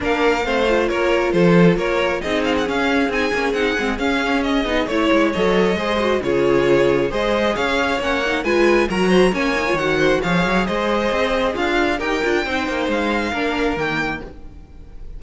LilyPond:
<<
  \new Staff \with { instrumentName = "violin" } { \time 4/4 \tempo 4 = 135 f''2 cis''4 c''4 | cis''4 dis''8 f''16 fis''16 f''4 gis''4 | fis''4 f''4 dis''4 cis''4 | dis''2 cis''2 |
dis''4 f''4 fis''4 gis''4 | ais''4 gis''4 fis''4 f''4 | dis''2 f''4 g''4~ | g''4 f''2 g''4 | }
  \new Staff \with { instrumentName = "violin" } { \time 4/4 ais'4 c''4 ais'4 a'4 | ais'4 gis'2.~ | gis'2. cis''4~ | cis''4 c''4 gis'2 |
c''4 cis''2 b'4 | ais'8 c''8 cis''4. c''8 cis''4 | c''2 f'4 ais'4 | c''2 ais'2 | }
  \new Staff \with { instrumentName = "viola" } { \time 4/4 d'4 c'8 f'2~ f'8~ | f'4 dis'4 cis'4 dis'8 cis'8 | dis'8 c'8 cis'4. dis'8 e'4 | a'4 gis'8 fis'8 f'2 |
gis'2 cis'8 dis'8 f'4 | fis'4 cis'8 dis'16 f'16 fis'4 gis'4~ | gis'2. g'8 f'8 | dis'2 d'4 ais4 | }
  \new Staff \with { instrumentName = "cello" } { \time 4/4 ais4 a4 ais4 f4 | ais4 c'4 cis'4 c'8 ais8 | c'8 gis8 cis'4. b8 a8 gis8 | fis4 gis4 cis2 |
gis4 cis'4 ais4 gis4 | fis4 ais4 dis4 f8 fis8 | gis4 c'4 d'4 dis'8 d'8 | c'8 ais8 gis4 ais4 dis4 | }
>>